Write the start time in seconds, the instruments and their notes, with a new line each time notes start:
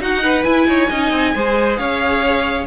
0.00 cello D#4, viola D#4, violin F#4 F#5
0.23 violin B4
0.44 viola E4, cello E4, violin G#5
0.67 cello D#4, violin C#5
0.90 cello C#4, viola D#4, violin D#5
1.12 cello C4
1.35 cello G#3, viola G#4, violin C5
1.77 cello C#4, violin C#5 F5